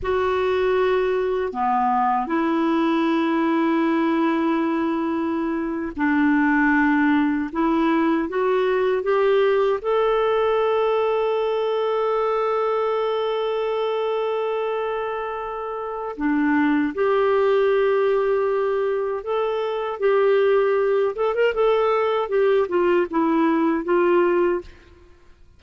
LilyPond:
\new Staff \with { instrumentName = "clarinet" } { \time 4/4 \tempo 4 = 78 fis'2 b4 e'4~ | e'2.~ e'8. d'16~ | d'4.~ d'16 e'4 fis'4 g'16~ | g'8. a'2.~ a'16~ |
a'1~ | a'4 d'4 g'2~ | g'4 a'4 g'4. a'16 ais'16 | a'4 g'8 f'8 e'4 f'4 | }